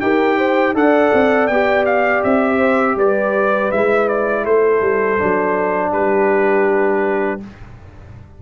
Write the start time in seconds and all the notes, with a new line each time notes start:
0.00 D#4 G4 A#4 G5
0.37 C5
0.74 D4 A4 D5 F#5
1.13 C4
1.47 B3 G4 G5
1.85 F5
2.23 C4 E5
2.57 C5
2.96 G3 B4 D5
3.71 G#3 E4 E5
4.08 D5
4.45 A3 A4 C5
4.81 G3
5.18 F#3 D4
5.91 G3 G4 B4